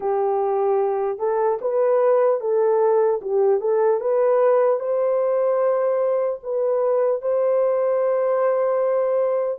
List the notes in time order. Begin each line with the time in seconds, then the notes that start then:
0.00 G4
1.19 A4
1.61 B4
2.40 A4
3.21 G4
3.60 A4
4.00 B4
4.79 C5
6.43 B4
7.21 C5